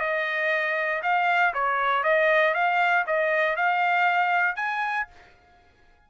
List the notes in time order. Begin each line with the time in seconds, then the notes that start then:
0.00 D#5
1.03 F5
1.54 C#5
2.03 D#5
2.54 F5
3.07 D#5
3.56 F5
4.56 G#5